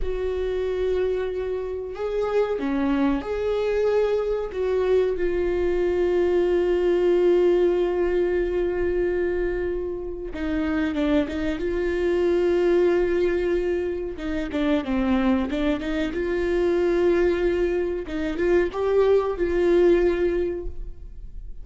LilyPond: \new Staff \with { instrumentName = "viola" } { \time 4/4 \tempo 4 = 93 fis'2. gis'4 | cis'4 gis'2 fis'4 | f'1~ | f'1 |
dis'4 d'8 dis'8 f'2~ | f'2 dis'8 d'8 c'4 | d'8 dis'8 f'2. | dis'8 f'8 g'4 f'2 | }